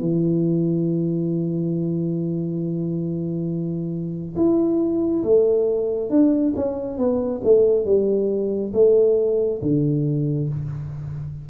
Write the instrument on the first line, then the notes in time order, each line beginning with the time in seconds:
tuba
0.00 E3
4.36 E4
5.23 A3
6.10 D4
6.56 C#4
6.98 B3
7.43 A3
7.85 G3
8.73 A3
9.62 D3